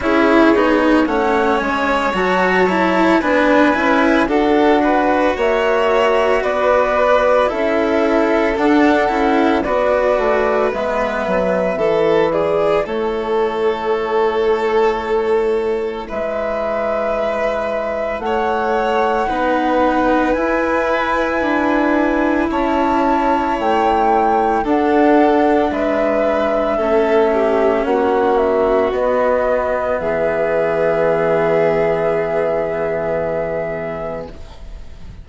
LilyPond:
<<
  \new Staff \with { instrumentName = "flute" } { \time 4/4 \tempo 4 = 56 cis''4 fis''8 gis''8 a''4 gis''4 | fis''4 e''4 d''4 e''4 | fis''4 d''4 e''4. d''8 | cis''2. e''4~ |
e''4 fis''2 gis''4~ | gis''4 a''4 g''4 fis''4 | e''2 fis''8 e''8 dis''4 | e''1 | }
  \new Staff \with { instrumentName = "violin" } { \time 4/4 gis'4 cis''2 b'4 | a'8 b'8 cis''4 b'4 a'4~ | a'4 b'2 a'8 gis'8 | a'2. b'4~ |
b'4 cis''4 b'2~ | b'4 cis''2 a'4 | b'4 a'8 g'8 fis'2 | gis'1 | }
  \new Staff \with { instrumentName = "cello" } { \time 4/4 e'8 dis'8 cis'4 fis'8 e'8 d'8 e'8 | fis'2. e'4 | d'8 e'8 fis'4 b4 e'4~ | e'1~ |
e'2 dis'4 e'4~ | e'2. d'4~ | d'4 cis'2 b4~ | b1 | }
  \new Staff \with { instrumentName = "bassoon" } { \time 4/4 cis'8 b8 a8 gis8 fis4 b8 cis'8 | d'4 ais4 b4 cis'4 | d'8 cis'8 b8 a8 gis8 fis8 e4 | a2. gis4~ |
gis4 a4 b4 e'4 | d'4 cis'4 a4 d'4 | gis4 a4 ais4 b4 | e1 | }
>>